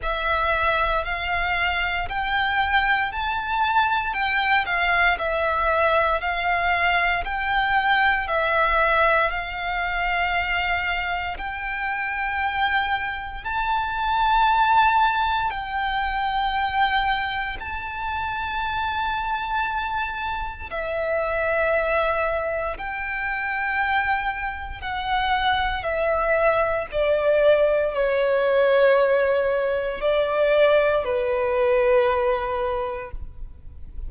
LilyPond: \new Staff \with { instrumentName = "violin" } { \time 4/4 \tempo 4 = 58 e''4 f''4 g''4 a''4 | g''8 f''8 e''4 f''4 g''4 | e''4 f''2 g''4~ | g''4 a''2 g''4~ |
g''4 a''2. | e''2 g''2 | fis''4 e''4 d''4 cis''4~ | cis''4 d''4 b'2 | }